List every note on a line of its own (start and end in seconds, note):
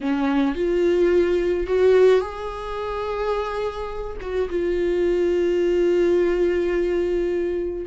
0.00 0.55 C#4
0.55 1.66 F4
1.66 2.20 F#4
2.20 4.16 G#4
4.21 4.49 F#4
4.49 7.86 F4